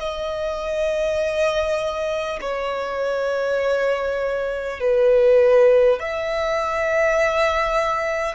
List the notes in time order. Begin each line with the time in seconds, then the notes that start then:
0.00 D#5
2.42 C#5
4.81 B4
6.00 E5